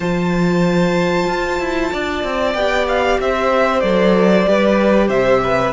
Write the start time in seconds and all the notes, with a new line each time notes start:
0.00 F3 F4 C5 A5
1.28 F4
1.59 E4
1.92 D4 D5
2.23 C4
2.53 B3 G4 G5
2.88 F5
3.19 C4 C5 E5
3.80 F#3 A4 D5
4.46 G3 G4 B4
5.08 C3 C5 E5
5.43 B4